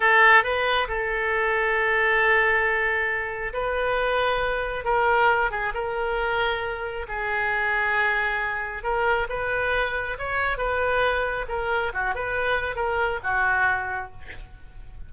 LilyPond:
\new Staff \with { instrumentName = "oboe" } { \time 4/4 \tempo 4 = 136 a'4 b'4 a'2~ | a'1 | b'2. ais'4~ | ais'8 gis'8 ais'2. |
gis'1 | ais'4 b'2 cis''4 | b'2 ais'4 fis'8 b'8~ | b'4 ais'4 fis'2 | }